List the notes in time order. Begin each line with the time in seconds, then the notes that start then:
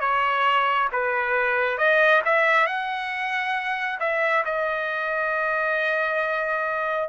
0.00 C#5
0.92 B4
1.77 D#5
2.25 E5
2.66 F#5
3.99 E5
4.44 D#5